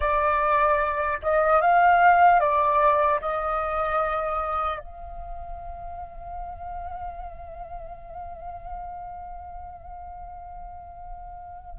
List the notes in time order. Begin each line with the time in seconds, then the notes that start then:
0.00 D5
1.22 D#5
1.61 F5
2.40 D5
3.20 D#5
4.79 F5